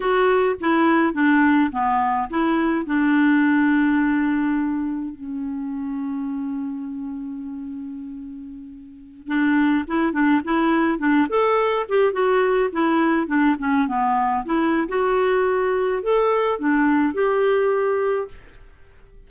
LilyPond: \new Staff \with { instrumentName = "clarinet" } { \time 4/4 \tempo 4 = 105 fis'4 e'4 d'4 b4 | e'4 d'2.~ | d'4 cis'2.~ | cis'1~ |
cis'16 d'4 e'8 d'8 e'4 d'8 a'16~ | a'8. g'8 fis'4 e'4 d'8 cis'16~ | cis'16 b4 e'8. fis'2 | a'4 d'4 g'2 | }